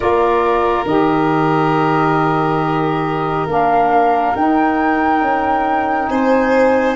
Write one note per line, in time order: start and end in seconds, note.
0.00 0.85 A#3
0.00 0.85 F4
0.00 6.09 A#4
0.00 0.84 D5
0.85 3.45 D#3
0.85 3.47 G4
0.85 3.47 D#5
3.46 4.33 A#3
3.46 4.34 D4
3.46 4.35 F5
4.35 6.95 D#4
4.35 5.21 D#4
4.35 6.08 G5
5.21 6.08 C#4
6.08 6.95 C4
6.08 6.95 C5
6.08 6.95 G#5